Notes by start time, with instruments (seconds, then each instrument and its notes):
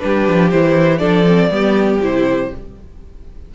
0.00 cello G3, viola D4, violin G4 B4
0.29 cello F3
0.51 cello E3, viola E4, violin C5
0.99 cello F3, viola D4, violin A4 D5
1.26 viola C4
1.50 cello G3, viola B3, violin G4
2.01 cello C3, viola E4, violin C5